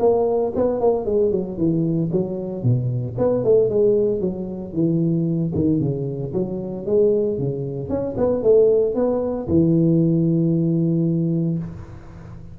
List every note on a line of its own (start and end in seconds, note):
0.00 0.53 A#3
0.56 0.80 B3
0.80 1.06 A#3
1.06 1.31 G#3
1.31 1.58 F#3
1.58 2.10 E3
2.12 2.64 F#3
2.64 3.16 B2
3.18 3.44 B3
3.44 3.70 A3
3.70 4.21 G#3
4.21 4.73 F#3
4.73 5.52 E3
5.55 5.80 D#3
5.80 6.33 C#3
6.33 6.86 F#3
6.86 7.39 G#3
7.39 7.89 C#3
7.89 8.16 C#4
8.17 8.43 B3
8.43 8.95 A3
8.95 9.48 B3
9.48 11.59 E3